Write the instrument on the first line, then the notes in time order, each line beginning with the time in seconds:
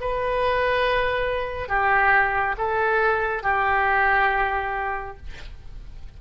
oboe
0.00 B4
1.68 G4
2.57 A4
3.43 G4